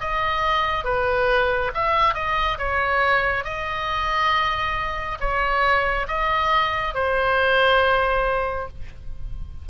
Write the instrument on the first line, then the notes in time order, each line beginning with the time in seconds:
oboe
0.00 D#5
0.84 B4
1.74 E5
2.14 D#5
2.58 C#5
3.44 D#5
5.20 C#5
6.08 D#5
6.94 C5